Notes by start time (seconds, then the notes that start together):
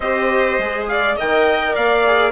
0.00 C4 G4 C5 D#5
0.58 G#3 G#4
0.88 D5 F5
1.16 D#3 A#4 D#5 G5
1.73 A#3 D5 F5
2.06 G#4